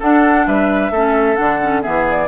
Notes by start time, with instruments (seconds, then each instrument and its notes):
0.00 clarinet D4, bassoon D4, oboe A4, flute F#5
0.47 bassoon G3, oboe B4, flute E5
0.91 bassoon A3, clarinet C#4, oboe A4
1.36 bassoon D3, clarinet D4, flute F#5
1.62 clarinet C#4
1.82 bassoon E3, clarinet B3, oboe G#4, flute E5
2.11 flute D5